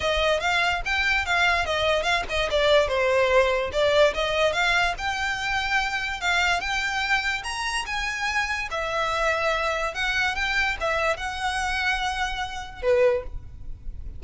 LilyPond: \new Staff \with { instrumentName = "violin" } { \time 4/4 \tempo 4 = 145 dis''4 f''4 g''4 f''4 | dis''4 f''8 dis''8 d''4 c''4~ | c''4 d''4 dis''4 f''4 | g''2. f''4 |
g''2 ais''4 gis''4~ | gis''4 e''2. | fis''4 g''4 e''4 fis''4~ | fis''2. b'4 | }